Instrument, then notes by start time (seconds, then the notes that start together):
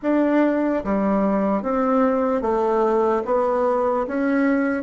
bassoon
0.02 D4
0.83 G3
1.62 C4
2.41 A3
3.25 B3
4.07 C#4